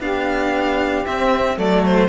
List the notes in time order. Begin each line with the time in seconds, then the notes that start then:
0.00 B3 D4 G4 F5
1.06 C4 E5
1.56 F#3 A3 A4 D5
1.85 C5